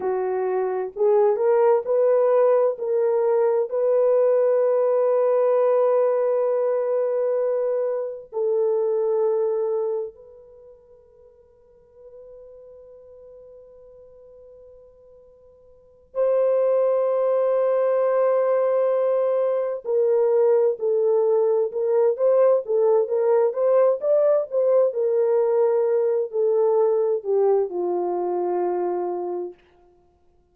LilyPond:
\new Staff \with { instrumentName = "horn" } { \time 4/4 \tempo 4 = 65 fis'4 gis'8 ais'8 b'4 ais'4 | b'1~ | b'4 a'2 b'4~ | b'1~ |
b'4. c''2~ c''8~ | c''4. ais'4 a'4 ais'8 | c''8 a'8 ais'8 c''8 d''8 c''8 ais'4~ | ais'8 a'4 g'8 f'2 | }